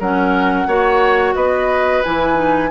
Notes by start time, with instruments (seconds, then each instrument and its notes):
0.00 bassoon F#3, clarinet C#4, oboe A#4, flute F#5
0.67 bassoon A#3, clarinet F#4, oboe C#5
1.35 bassoon B3, oboe B4, flute D#5
2.04 bassoon E3, clarinet E4, flute G#5
2.34 clarinet D#4